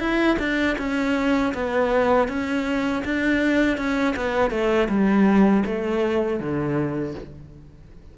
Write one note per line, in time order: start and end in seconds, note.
0.00 0.38 E4
0.40 0.77 D4
0.79 1.54 C#4
1.55 2.28 B3
2.28 3.03 C#4
3.05 3.78 D4
3.78 4.15 C#4
4.17 4.51 B3
4.51 4.89 A3
4.89 5.64 G3
5.66 6.40 A3
6.40 7.15 D3